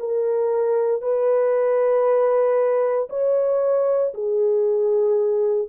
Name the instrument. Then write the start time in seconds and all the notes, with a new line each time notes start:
horn
0.00 A#4
1.02 B4
3.10 C#5
4.14 G#4